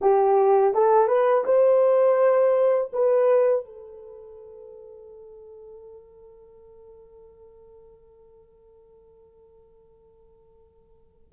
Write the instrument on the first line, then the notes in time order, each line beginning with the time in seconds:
horn
0.01 G4
0.74 A4
1.07 B4
1.45 C5
2.93 B4
3.65 A4